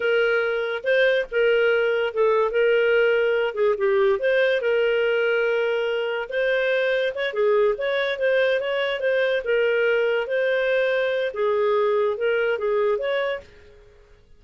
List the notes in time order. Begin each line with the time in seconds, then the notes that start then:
0.00 A#4
0.83 C5
1.31 A#4
2.13 A4
2.51 A#4
3.54 G#4
3.77 G4
4.19 C5
4.61 A#4
6.29 C5
7.14 C#5
7.33 G#4
7.78 C#5
8.19 C5
8.60 C#5
9.00 C5
9.44 A#4
10.27 C5
11.33 G#4
12.17 A#4
12.58 G#4
12.98 C#5